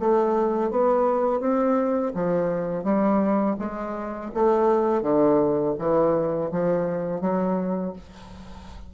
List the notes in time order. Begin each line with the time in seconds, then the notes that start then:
0.00 A3
0.71 B3
1.41 C4
2.14 F3
2.84 G3
3.59 G#3
4.35 A3
5.02 D3
5.79 E3
6.52 F3
7.21 F#3